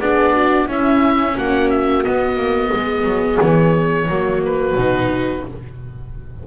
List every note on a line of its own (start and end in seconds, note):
0.00 0.68 B3
0.00 0.68 D4
0.00 0.34 G#4
0.00 0.68 D5
0.34 0.66 F#4
0.66 1.36 C#4
0.66 2.04 C#4
0.66 1.34 E4
0.66 1.38 E5
1.36 2.05 A#3
1.36 2.72 F#4
1.36 1.70 F#5
1.70 2.04 E5
2.04 4.09 B3
2.04 2.37 B3
2.04 3.40 D#5
2.37 2.71 A#3
2.73 3.05 G#3
2.73 4.09 G#4
3.05 3.39 F#3
3.40 4.08 E3
3.40 4.42 C#5
4.08 4.76 F#3
4.08 4.78 A#3
4.08 5.46 F#4
4.45 5.47 B4
4.76 5.44 B2
4.76 5.46 D#4